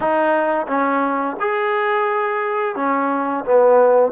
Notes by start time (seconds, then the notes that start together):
0.00 D#4
0.67 C#4
1.39 G#4
2.75 C#4
3.44 B3